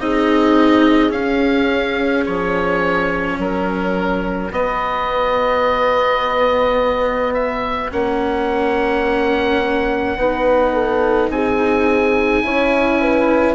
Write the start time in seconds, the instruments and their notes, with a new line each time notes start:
0.00 bassoon C4, cello D#4, horn G#4, oboe D#5
1.10 cello C#4, bassoon C#4, oboe F5
2.26 bassoon F3, oboe C#5
3.38 bassoon F#3, horn F#4, oboe A#4
4.51 bassoon B3, cello B3, oboe D#5
7.34 oboe E5
7.92 bassoon A#3, cello C#4, oboe F#5
10.17 bassoon B3, cello D#4, horn B4
10.74 horn A4
11.30 bassoon C4, horn G#4, oboe G#5
12.44 bassoon C#4, cello E4, horn C#5
13.02 horn B4